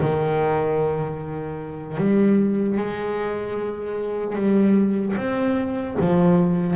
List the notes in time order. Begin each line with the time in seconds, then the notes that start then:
0.00 D#3
1.97 G3
2.77 G#3
4.36 G3
5.17 C4
6.00 F3